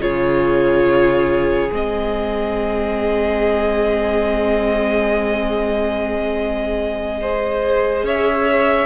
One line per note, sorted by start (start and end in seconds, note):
0.00 1.69 C#3
0.00 1.70 F4
0.00 7.20 G#4
0.00 1.70 C#5
1.72 8.03 G#3
1.72 7.21 C4
1.72 8.07 D#5
7.21 8.86 G#4
7.21 8.05 C5
8.03 8.86 C#4
8.03 8.86 C#5
8.03 8.86 E5